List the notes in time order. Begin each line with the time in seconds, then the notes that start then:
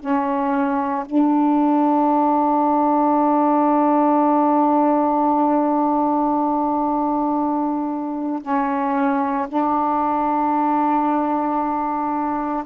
0.00 C#4
1.06 D4
8.42 C#4
9.49 D4